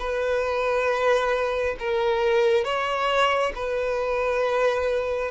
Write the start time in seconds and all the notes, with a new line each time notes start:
0.00 B4
1.80 A#4
2.65 C#5
3.56 B4